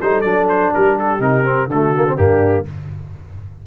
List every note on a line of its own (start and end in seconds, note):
0.00 0.24 G3
0.00 0.24 D#4
0.00 0.73 A4
0.00 0.21 C5
0.21 0.72 F#3
0.21 1.20 D4
0.21 0.45 D5
0.49 0.73 C5
0.73 1.20 G3
0.73 1.70 G4
0.73 0.98 A#4
0.99 1.21 A4
1.20 1.67 C3
1.20 1.44 D#4
1.20 1.69 A#4
1.44 1.68 C4
1.67 2.16 D3
1.67 2.18 F#4
1.67 2.17 A4
1.74 1.95 A3
1.95 2.07 A#3
2.07 2.17 C4
2.17 2.66 G2
2.17 2.65 A#3
2.17 2.66 D4
2.17 2.66 G4